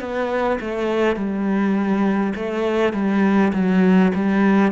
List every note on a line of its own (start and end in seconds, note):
0.00 0.59 B3
0.60 1.16 A3
1.16 2.34 G3
2.35 2.94 A3
2.94 3.52 G3
3.53 4.12 F#3
4.15 4.72 G3